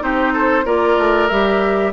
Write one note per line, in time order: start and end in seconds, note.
0.00 0.65 C4
0.00 0.64 D#4
0.00 0.33 G4
0.00 0.66 C5
0.33 0.65 A4
0.65 0.97 A#3
0.65 1.29 F4
0.65 1.93 A#4
0.65 1.28 D5
0.97 1.29 A3
1.28 1.93 G3
1.28 1.93 G4
1.28 1.92 E5